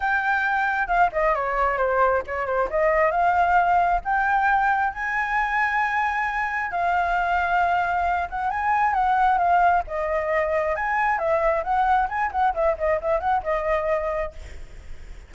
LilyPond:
\new Staff \with { instrumentName = "flute" } { \time 4/4 \tempo 4 = 134 g''2 f''8 dis''8 cis''4 | c''4 cis''8 c''8 dis''4 f''4~ | f''4 g''2 gis''4~ | gis''2. f''4~ |
f''2~ f''8 fis''8 gis''4 | fis''4 f''4 dis''2 | gis''4 e''4 fis''4 gis''8 fis''8 | e''8 dis''8 e''8 fis''8 dis''2 | }